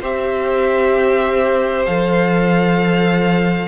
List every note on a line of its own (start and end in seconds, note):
0.00 1.85 C4
0.00 1.86 G4
0.00 3.67 C5
0.00 1.85 E5
1.85 3.67 F3
1.85 3.67 A4
1.85 3.67 F5